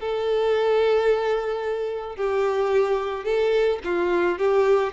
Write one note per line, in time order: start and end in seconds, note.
0.00 2.16 A4
2.16 3.25 G4
3.25 3.79 A4
3.84 4.39 F4
4.39 4.93 G4